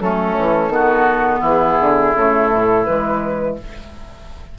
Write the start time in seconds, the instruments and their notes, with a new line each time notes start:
0.00 bassoon F#3, clarinet A3, oboe C#4, flute A4
0.39 bassoon E3
0.68 bassoon D#3, clarinet B3, oboe F#4
1.40 bassoon E3, oboe E4
1.47 flute G#4
1.80 bassoon D3
2.14 bassoon C#3, clarinet A3, flute A4
2.53 bassoon A2
2.85 bassoon E3, clarinet G#3, flute B4